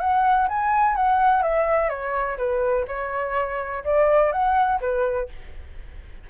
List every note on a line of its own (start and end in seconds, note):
0.00 0.48 F#5
0.48 0.96 G#5
0.96 1.42 F#5
1.42 1.89 E5
1.89 2.37 C#5
2.38 2.86 B4
2.88 3.84 C#5
3.84 4.32 D5
4.32 4.80 F#5
4.81 5.29 B4